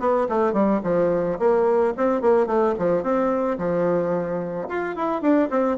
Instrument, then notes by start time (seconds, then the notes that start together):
bassoon
0.00 B3
0.29 A3
0.53 G3
0.83 F3
1.39 A#3
1.97 C4
2.21 A#3
2.46 A3
2.78 F3
3.03 C4
3.58 F3
4.68 F4
4.96 E4
5.22 D4
5.50 C4